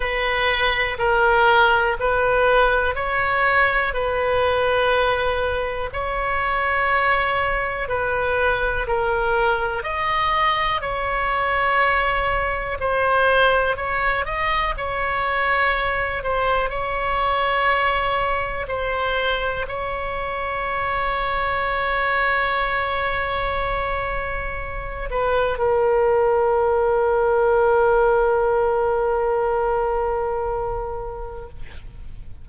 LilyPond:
\new Staff \with { instrumentName = "oboe" } { \time 4/4 \tempo 4 = 61 b'4 ais'4 b'4 cis''4 | b'2 cis''2 | b'4 ais'4 dis''4 cis''4~ | cis''4 c''4 cis''8 dis''8 cis''4~ |
cis''8 c''8 cis''2 c''4 | cis''1~ | cis''4. b'8 ais'2~ | ais'1 | }